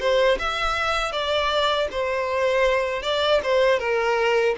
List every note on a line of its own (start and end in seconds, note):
0.00 0.38 C5
0.39 1.12 E5
1.12 1.88 D5
1.91 3.02 C5
3.02 3.40 D5
3.43 3.79 C5
3.79 4.55 A#4